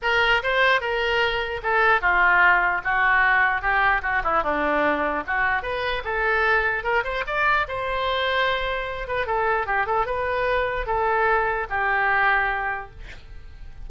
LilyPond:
\new Staff \with { instrumentName = "oboe" } { \time 4/4 \tempo 4 = 149 ais'4 c''4 ais'2 | a'4 f'2 fis'4~ | fis'4 g'4 fis'8 e'8 d'4~ | d'4 fis'4 b'4 a'4~ |
a'4 ais'8 c''8 d''4 c''4~ | c''2~ c''8 b'8 a'4 | g'8 a'8 b'2 a'4~ | a'4 g'2. | }